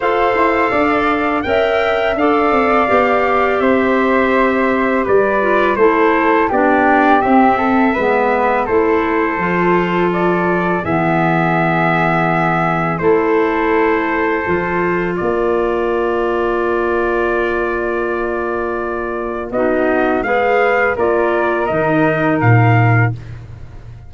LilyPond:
<<
  \new Staff \with { instrumentName = "trumpet" } { \time 4/4 \tempo 4 = 83 f''2 g''4 f''4~ | f''4 e''2 d''4 | c''4 d''4 e''2 | c''2 d''4 e''4~ |
e''2 c''2~ | c''4 d''2.~ | d''2. dis''4 | f''4 d''4 dis''4 f''4 | }
  \new Staff \with { instrumentName = "flute" } { \time 4/4 c''4 d''4 e''4 d''4~ | d''4 c''2 b'4 | a'4 g'4. a'8 b'4 | a'2. gis'4~ |
gis'2 a'2~ | a'4 ais'2.~ | ais'2. fis'4 | b'4 ais'2. | }
  \new Staff \with { instrumentName = "clarinet" } { \time 4/4 a'2 ais'4 a'4 | g'2.~ g'8 f'8 | e'4 d'4 c'4 b4 | e'4 f'2 b4~ |
b2 e'2 | f'1~ | f'2. dis'4 | gis'4 f'4 dis'2 | }
  \new Staff \with { instrumentName = "tuba" } { \time 4/4 f'8 e'8 d'4 cis'4 d'8 c'8 | b4 c'2 g4 | a4 b4 c'4 gis4 | a4 f2 e4~ |
e2 a2 | f4 ais2.~ | ais2. b4 | gis4 ais4 dis4 ais,4 | }
>>